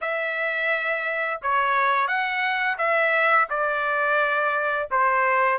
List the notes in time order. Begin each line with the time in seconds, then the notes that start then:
0.01 E5
1.41 C#5
2.07 F#5
2.78 E5
3.49 D5
4.90 C5